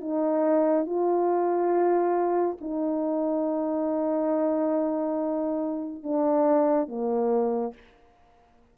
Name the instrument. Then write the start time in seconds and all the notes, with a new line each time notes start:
horn
0.00 D#4
0.86 F4
2.61 D#4
6.03 D4
6.88 A#3